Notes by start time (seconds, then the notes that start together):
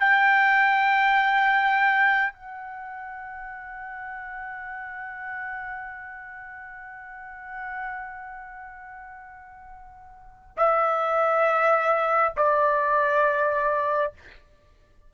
0.00 G5
2.33 F#5
10.57 E5
12.37 D5